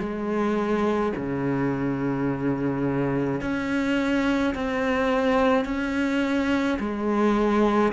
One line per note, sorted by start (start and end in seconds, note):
0.00 1.13 G#3
1.17 3.41 C#3
3.41 4.54 C#4
4.55 5.66 C4
5.66 6.79 C#4
6.80 7.93 G#3